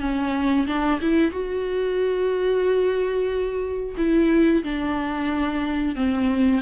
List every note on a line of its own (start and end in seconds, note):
0.00 0.66 C#4
0.67 1.00 D4
1.01 1.31 E4
1.31 3.95 F#4
3.97 4.63 E4
4.63 5.95 D4
5.95 6.61 C4